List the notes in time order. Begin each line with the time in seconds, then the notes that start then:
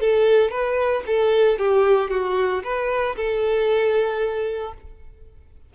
0.00 A4
0.51 B4
1.06 A4
1.58 G4
2.10 F#4
2.63 B4
3.16 A4